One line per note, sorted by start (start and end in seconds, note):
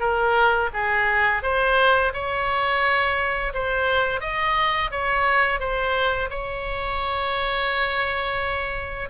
0.00 0.70 A#4
0.74 1.43 G#4
1.43 2.13 C5
2.14 3.54 C#5
3.54 4.21 C5
4.21 4.91 D#5
4.92 5.60 C#5
5.60 6.30 C5
6.30 9.09 C#5